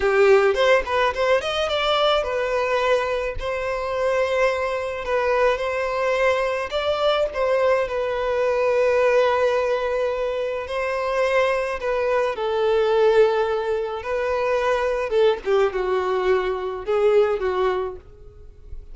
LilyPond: \new Staff \with { instrumentName = "violin" } { \time 4/4 \tempo 4 = 107 g'4 c''8 b'8 c''8 dis''8 d''4 | b'2 c''2~ | c''4 b'4 c''2 | d''4 c''4 b'2~ |
b'2. c''4~ | c''4 b'4 a'2~ | a'4 b'2 a'8 g'8 | fis'2 gis'4 fis'4 | }